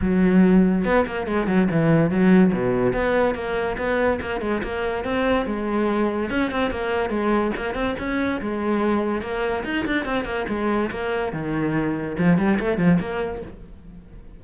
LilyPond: \new Staff \with { instrumentName = "cello" } { \time 4/4 \tempo 4 = 143 fis2 b8 ais8 gis8 fis8 | e4 fis4 b,4 b4 | ais4 b4 ais8 gis8 ais4 | c'4 gis2 cis'8 c'8 |
ais4 gis4 ais8 c'8 cis'4 | gis2 ais4 dis'8 d'8 | c'8 ais8 gis4 ais4 dis4~ | dis4 f8 g8 a8 f8 ais4 | }